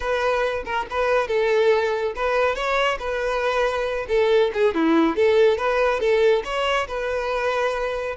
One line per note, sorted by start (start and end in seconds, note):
0.00 0.63 B4
0.65 0.86 A#4
0.90 1.27 B4
1.27 2.13 A4
2.15 2.55 B4
2.55 2.98 C#5
2.99 4.06 B4
4.08 4.51 A4
4.53 4.74 G#4
4.74 5.16 E4
5.16 5.57 A4
5.57 5.99 B4
5.99 6.42 A4
6.44 6.87 C#5
6.87 8.16 B4